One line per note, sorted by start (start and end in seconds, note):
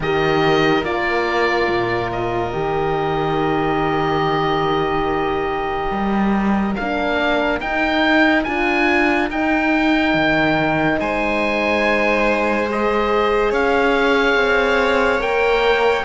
0.00 0.83 D#3
0.00 0.84 G4
0.00 10.99 A#4
0.00 0.84 D#5
0.83 1.68 A#3
0.83 2.52 F4
0.83 2.11 D5
1.68 2.53 A#2
2.12 6.75 D#5
2.52 5.90 D#3
2.52 6.75 G4
5.90 6.75 G3
6.75 7.60 A#3
6.75 7.61 D4
6.75 7.59 F5
7.60 8.45 D#4
7.60 8.46 D#4
7.60 8.43 G5
8.43 9.30 D4
8.43 9.30 F4
8.43 9.28 G#5
9.30 10.14 D#4
9.30 12.68 D#4
9.30 10.99 G5
10.14 10.98 D#3
10.99 13.52 G#3
10.99 13.50 C5
10.99 12.68 G#5
12.68 15.20 G#4
12.68 13.53 D#5
13.50 14.35 C#4
13.50 16.04 C#5
13.50 15.21 F5
14.35 15.19 C4
15.20 16.04 A#3
15.20 16.04 A#4
15.20 16.05 G5